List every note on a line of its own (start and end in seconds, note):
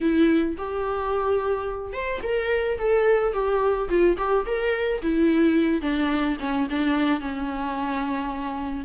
0.00 0.56 E4
0.57 1.92 G4
1.92 2.20 C5
2.22 2.78 A#4
2.78 3.33 A4
3.33 3.88 G4
3.89 4.17 F4
4.17 4.45 G4
4.46 5.01 A#4
5.02 5.81 E4
5.81 6.37 D4
6.39 6.67 C#4
6.70 7.20 D4
7.20 8.85 C#4